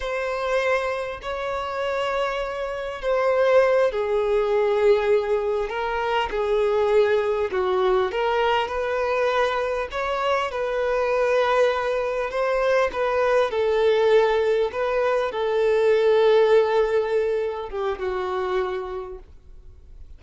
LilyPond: \new Staff \with { instrumentName = "violin" } { \time 4/4 \tempo 4 = 100 c''2 cis''2~ | cis''4 c''4. gis'4.~ | gis'4. ais'4 gis'4.~ | gis'8 fis'4 ais'4 b'4.~ |
b'8 cis''4 b'2~ b'8~ | b'8 c''4 b'4 a'4.~ | a'8 b'4 a'2~ a'8~ | a'4. g'8 fis'2 | }